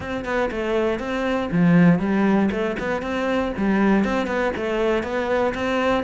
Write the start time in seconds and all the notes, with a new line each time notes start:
0.00 C4
0.25 B3
0.51 A3
0.99 C4
1.51 F3
1.99 G3
2.51 A3
2.79 B3
3.01 C4
3.57 G3
4.04 C4
4.27 B3
4.56 A3
5.03 B3
5.54 C4